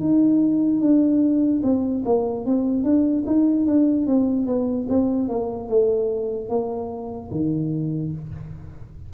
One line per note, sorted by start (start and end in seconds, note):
0.00 0.81 D#4
0.81 1.62 D4
1.63 2.04 C4
2.05 2.45 A#3
2.45 2.83 C4
2.83 3.24 D4
3.26 3.66 D#4
3.66 4.07 D4
4.07 4.46 C4
4.46 4.87 B3
4.89 5.29 C4
5.29 5.69 A#3
5.69 6.49 A3
6.49 7.30 A#3
7.31 8.12 D#3